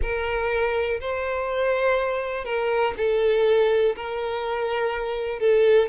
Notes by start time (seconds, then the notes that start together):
0.01 A#4
1.00 C5
2.45 A#4
2.97 A4
3.96 A#4
5.39 A4